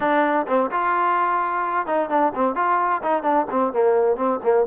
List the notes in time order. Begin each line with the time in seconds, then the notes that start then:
0.00 D4
0.47 C4
0.71 F4
1.86 D#4
2.09 D4
2.34 C4
2.55 F4
3.02 D#4
3.22 D4
3.50 C4
3.72 A#3
4.16 C4
4.43 A#3